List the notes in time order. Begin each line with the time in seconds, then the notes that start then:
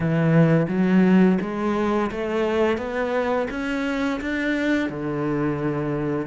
0.00 E3
0.68 F#3
1.41 G#3
2.11 A3
2.77 B3
3.50 C#4
4.21 D4
4.89 D3